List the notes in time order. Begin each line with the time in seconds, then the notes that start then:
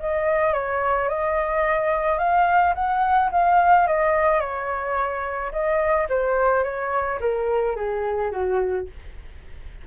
0.00 D#5
0.54 C#5
1.09 D#5
2.18 F5
2.75 F#5
3.32 F5
3.87 D#5
4.41 C#5
5.52 D#5
6.10 C5
6.64 C#5
7.20 A#4
7.76 G#4
8.32 F#4